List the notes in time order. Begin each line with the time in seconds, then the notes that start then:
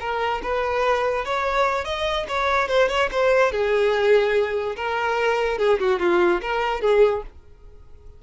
0.00 A#4
0.43 B4
1.25 C#5
1.85 D#5
2.28 C#5
2.68 C5
2.89 C#5
3.11 C5
3.52 G#4
4.76 A#4
5.58 G#4
5.79 F#4
5.99 F4
6.41 A#4
6.81 G#4